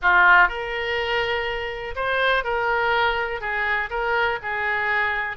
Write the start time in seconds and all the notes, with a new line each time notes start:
0.02 F4
0.48 A#4
1.95 C5
2.44 A#4
3.40 G#4
3.90 A#4
4.42 G#4